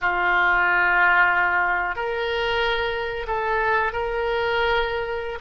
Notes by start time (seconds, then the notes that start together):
0.01 F4
1.95 A#4
3.27 A4
3.92 A#4